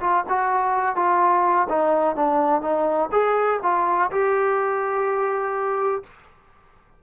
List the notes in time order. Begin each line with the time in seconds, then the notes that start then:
0.00 F4
0.29 F#4
0.95 F4
1.69 D#4
2.15 D4
2.61 D#4
3.12 G#4
3.62 F4
4.11 G4